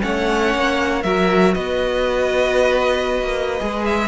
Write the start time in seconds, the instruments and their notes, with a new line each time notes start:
0.00 cello A3, viola C#4, violin C#5 F#5
0.55 cello A#3
1.03 cello F#3, viola F#4, violin A#4 E5
1.54 cello B3, violin B4 D#5
3.22 cello A#3
3.60 cello G#3, viola G#4
3.85 violin E5